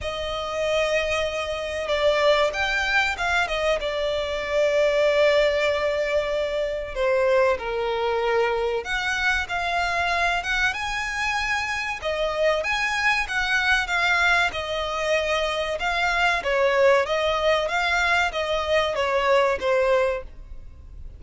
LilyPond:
\new Staff \with { instrumentName = "violin" } { \time 4/4 \tempo 4 = 95 dis''2. d''4 | g''4 f''8 dis''8 d''2~ | d''2. c''4 | ais'2 fis''4 f''4~ |
f''8 fis''8 gis''2 dis''4 | gis''4 fis''4 f''4 dis''4~ | dis''4 f''4 cis''4 dis''4 | f''4 dis''4 cis''4 c''4 | }